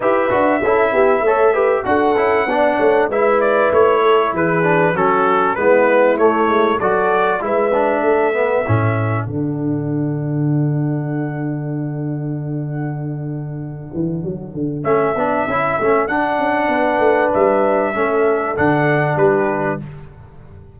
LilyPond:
<<
  \new Staff \with { instrumentName = "trumpet" } { \time 4/4 \tempo 4 = 97 e''2. fis''4~ | fis''4 e''8 d''8 cis''4 b'4 | a'4 b'4 cis''4 d''4 | e''2. fis''4~ |
fis''1~ | fis''1 | e''2 fis''2 | e''2 fis''4 b'4 | }
  \new Staff \with { instrumentName = "horn" } { \time 4/4 b'4 a'8 g'8 cis''8 b'8 a'4 | d''8 cis''8 b'4. a'8 gis'4 | fis'4 e'2 a'4 | b'4 a'2.~ |
a'1~ | a'1~ | a'2. b'4~ | b'4 a'2 g'4 | }
  \new Staff \with { instrumentName = "trombone" } { \time 4/4 g'8 fis'8 e'4 a'8 g'8 fis'8 e'8 | d'4 e'2~ e'8 d'8 | cis'4 b4 a4 fis'4 | e'8 d'4 b8 cis'4 d'4~ |
d'1~ | d'1 | cis'8 d'8 e'8 cis'8 d'2~ | d'4 cis'4 d'2 | }
  \new Staff \with { instrumentName = "tuba" } { \time 4/4 e'8 d'8 cis'8 b8 a4 d'8 cis'8 | b8 a8 gis4 a4 e4 | fis4 gis4 a8 gis8 fis4 | gis4 a4 a,4 d4~ |
d1~ | d2~ d8 e8 fis8 d8 | a8 b8 cis'8 a8 d'8 cis'8 b8 a8 | g4 a4 d4 g4 | }
>>